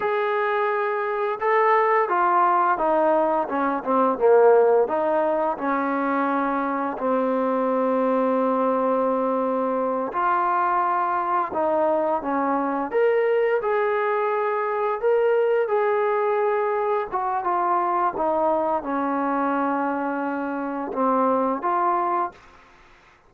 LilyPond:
\new Staff \with { instrumentName = "trombone" } { \time 4/4 \tempo 4 = 86 gis'2 a'4 f'4 | dis'4 cis'8 c'8 ais4 dis'4 | cis'2 c'2~ | c'2~ c'8 f'4.~ |
f'8 dis'4 cis'4 ais'4 gis'8~ | gis'4. ais'4 gis'4.~ | gis'8 fis'8 f'4 dis'4 cis'4~ | cis'2 c'4 f'4 | }